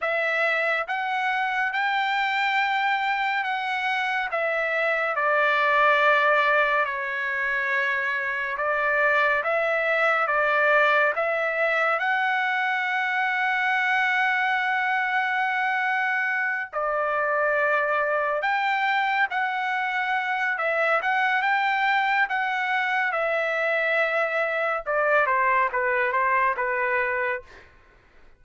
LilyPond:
\new Staff \with { instrumentName = "trumpet" } { \time 4/4 \tempo 4 = 70 e''4 fis''4 g''2 | fis''4 e''4 d''2 | cis''2 d''4 e''4 | d''4 e''4 fis''2~ |
fis''2.~ fis''8 d''8~ | d''4. g''4 fis''4. | e''8 fis''8 g''4 fis''4 e''4~ | e''4 d''8 c''8 b'8 c''8 b'4 | }